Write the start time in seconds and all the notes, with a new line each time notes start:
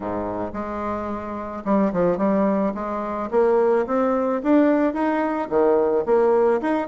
0.00 G#2
0.53 G#3
1.64 G3
1.92 F3
2.17 G3
2.74 G#3
3.31 A#3
3.86 C4
4.43 D4
4.93 D#4
5.49 D#3
6.06 A#3
6.61 D#4